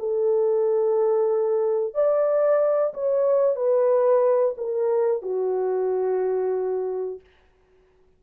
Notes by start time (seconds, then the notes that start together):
0.00 A4
1.95 D5
2.94 C#5
3.56 B4
4.58 A#4
5.23 F#4